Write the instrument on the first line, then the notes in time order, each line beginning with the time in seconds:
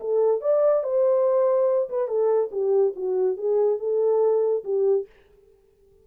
horn
0.00 A4
0.41 D5
0.83 C5
1.89 B4
2.07 A4
2.51 G4
2.95 F#4
3.37 G#4
3.79 A4
4.64 G4